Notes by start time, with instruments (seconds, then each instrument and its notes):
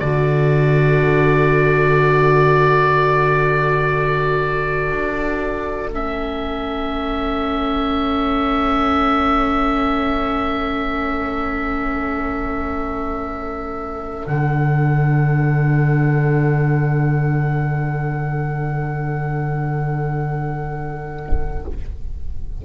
0.00 double bass D3, viola F#4 A4, oboe D5
4.91 double bass D4
5.89 double bass A3, viola C#4, oboe E5
14.26 double bass D3, viola D4, oboe F#5